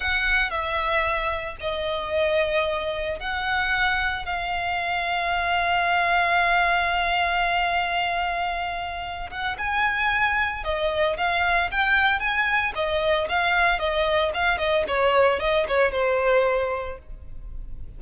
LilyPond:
\new Staff \with { instrumentName = "violin" } { \time 4/4 \tempo 4 = 113 fis''4 e''2 dis''4~ | dis''2 fis''2 | f''1~ | f''1~ |
f''4. fis''8 gis''2 | dis''4 f''4 g''4 gis''4 | dis''4 f''4 dis''4 f''8 dis''8 | cis''4 dis''8 cis''8 c''2 | }